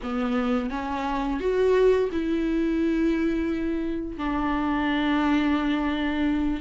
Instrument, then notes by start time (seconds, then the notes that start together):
viola
0.03 B3
0.70 C#4
1.40 F#4
2.12 E4
4.17 D4